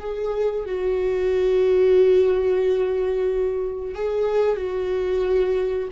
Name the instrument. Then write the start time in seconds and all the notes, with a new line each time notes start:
viola
0.00 G#4
0.66 F#4
3.95 G#4
4.57 F#4